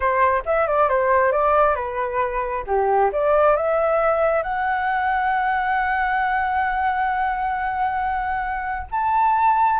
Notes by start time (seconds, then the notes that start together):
0.00 C5
0.45 E5
0.67 D5
0.88 C5
1.32 D5
1.75 B4
2.66 G4
3.12 D5
3.56 E5
4.42 F#5
8.91 A5